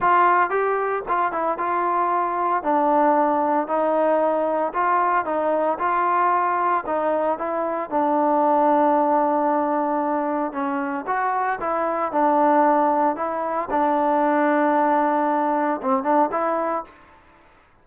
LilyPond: \new Staff \with { instrumentName = "trombone" } { \time 4/4 \tempo 4 = 114 f'4 g'4 f'8 e'8 f'4~ | f'4 d'2 dis'4~ | dis'4 f'4 dis'4 f'4~ | f'4 dis'4 e'4 d'4~ |
d'1 | cis'4 fis'4 e'4 d'4~ | d'4 e'4 d'2~ | d'2 c'8 d'8 e'4 | }